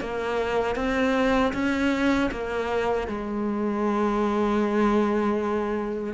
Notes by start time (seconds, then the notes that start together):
0.00 A#3
0.76 C4
1.53 C#4
2.31 A#3
3.07 G#3